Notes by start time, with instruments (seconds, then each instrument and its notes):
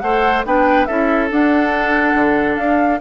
0.00 bassoon A3, clarinet A4, oboe C5, flute F#5
0.45 bassoon B3, clarinet D4, oboe B4, flute G5
0.86 bassoon C#4, clarinet E4, oboe A4, flute E5
1.30 clarinet D4, bassoon D4, flute F#5
2.14 bassoon D3
2.56 bassoon D4, flute F5